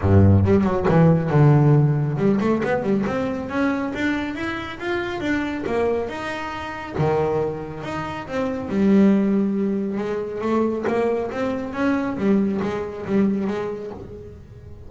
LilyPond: \new Staff \with { instrumentName = "double bass" } { \time 4/4 \tempo 4 = 138 g,4 g8 fis8 e4 d4~ | d4 g8 a8 b8 g8 c'4 | cis'4 d'4 e'4 f'4 | d'4 ais4 dis'2 |
dis2 dis'4 c'4 | g2. gis4 | a4 ais4 c'4 cis'4 | g4 gis4 g4 gis4 | }